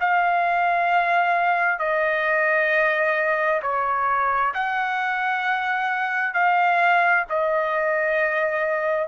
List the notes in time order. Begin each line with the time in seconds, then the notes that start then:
0.00 F5
1.79 D#5
3.62 C#5
4.55 F#5
6.34 F5
7.30 D#5